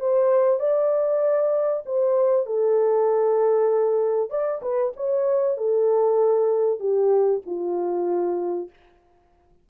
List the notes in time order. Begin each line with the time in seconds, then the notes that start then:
0.00 C5
0.60 D5
1.85 C5
2.46 A4
4.30 D5
4.62 B4
4.96 C#5
5.57 A4
6.80 G4
7.46 F4